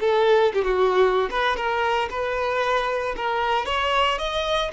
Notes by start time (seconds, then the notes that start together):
0.00 A4
0.53 G4
0.63 F#4
1.30 B4
1.56 A#4
2.10 B4
3.16 A#4
3.65 C#5
4.18 D#5